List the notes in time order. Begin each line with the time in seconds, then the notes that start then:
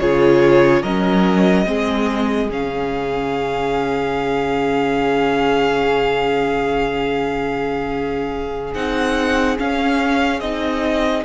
0.00 C#3 F4 G#4 C#5
0.82 F#3 C#4 A#4 D#5
1.66 G#3 C4 G#4
2.50 C#3 C#4 F5
8.74 C4 D#4 F#5
9.58 C#4 F5
10.40 C4 D#4 D#5